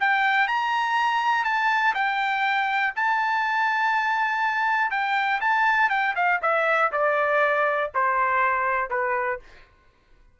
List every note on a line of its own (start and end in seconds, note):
0.00 0.48 G5
0.48 1.45 A#5
1.45 1.94 A5
1.94 2.93 G5
2.96 4.91 A5
4.91 5.40 G5
5.41 5.90 A5
5.90 6.15 G5
6.16 6.40 F5
6.42 6.92 E5
6.92 7.91 D5
7.95 8.90 C5
8.90 9.40 B4